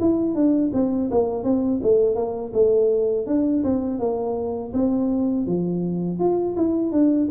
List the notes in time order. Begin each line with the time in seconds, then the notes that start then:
0.00 E4
0.35 D4
0.73 C4
1.10 A#3
1.44 C4
1.83 A3
2.15 A#3
2.53 A3
3.26 D4
3.63 C4
3.99 A#3
4.73 C4
5.46 F3
6.19 F4
6.56 E4
6.91 D4